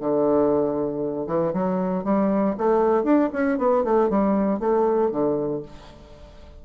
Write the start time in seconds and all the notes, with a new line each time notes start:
0.00 D3
1.27 E3
1.53 F#3
2.04 G3
2.57 A3
3.03 D4
3.33 C#4
3.58 B3
3.84 A3
4.10 G3
4.59 A3
5.11 D3